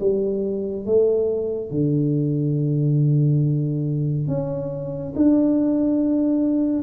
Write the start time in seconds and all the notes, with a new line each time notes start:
0.00 G3
0.86 A3
1.71 D3
4.28 C#4
5.16 D4